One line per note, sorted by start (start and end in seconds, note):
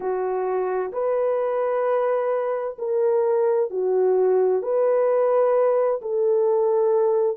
0.00 0.91 F#4
0.92 2.77 B4
2.78 3.70 A#4
3.70 4.62 F#4
4.62 6.00 B4
6.01 7.37 A4